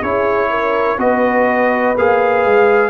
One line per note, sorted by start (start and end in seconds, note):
0.00 0.97 C#4
0.00 0.98 E4
0.00 0.48 G#4
0.00 0.99 C#5
0.50 0.98 A#4
0.97 1.94 B3
0.97 1.95 F#4
0.97 2.90 B4
0.97 1.96 D#5
1.97 2.45 A#3
1.97 2.90 G#4
1.97 2.90 F5
2.45 2.90 G#3